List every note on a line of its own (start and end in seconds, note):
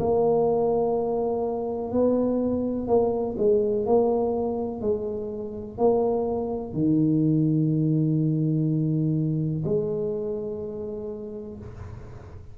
0.00 1.92 A#3
1.92 2.88 B3
2.88 3.36 A#3
3.38 3.87 G#3
3.87 4.82 A#3
4.82 5.78 G#3
5.78 6.74 A#3
6.74 9.64 D#3
9.65 11.59 G#3